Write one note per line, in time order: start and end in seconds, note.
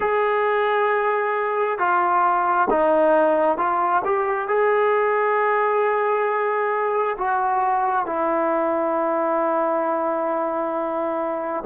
0.00 1.78 G#4
1.78 2.68 F4
2.69 3.57 D#4
3.57 4.02 F4
4.05 4.48 G4
4.48 7.16 G#4
7.18 8.06 F#4
8.06 11.64 E4